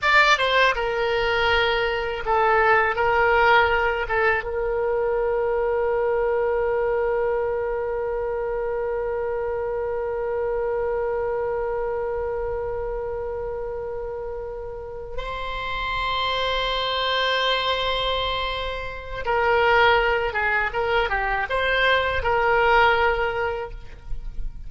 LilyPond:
\new Staff \with { instrumentName = "oboe" } { \time 4/4 \tempo 4 = 81 d''8 c''8 ais'2 a'4 | ais'4. a'8 ais'2~ | ais'1~ | ais'1~ |
ais'1~ | ais'8 c''2.~ c''8~ | c''2 ais'4. gis'8 | ais'8 g'8 c''4 ais'2 | }